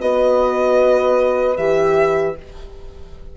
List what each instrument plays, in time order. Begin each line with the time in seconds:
0.00 bassoon B3, horn F#4 B4, violin D#5
1.56 bassoon E3, horn G4, violin E5